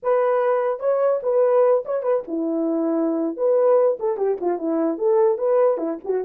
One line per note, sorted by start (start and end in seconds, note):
0.03 0.79 B4
0.79 1.20 C#5
1.22 1.83 B4
1.85 2.03 C#5
2.03 2.23 B4
2.27 3.37 E4
3.37 3.98 B4
3.99 4.17 A4
4.17 4.37 G4
4.40 4.58 F4
4.58 4.98 E4
4.98 5.38 A4
5.38 5.77 B4
5.77 5.98 E4
6.04 6.24 F#4